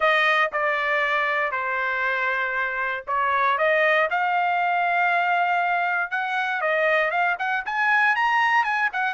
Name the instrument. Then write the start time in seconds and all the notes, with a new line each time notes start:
trumpet
0.00 D#5
0.52 D5
1.51 C5
3.07 C#5
3.58 D#5
4.10 F5
6.10 F#5
6.61 D#5
7.10 F5
7.38 F#5
7.65 G#5
8.15 A#5
8.63 G#5
8.93 F#5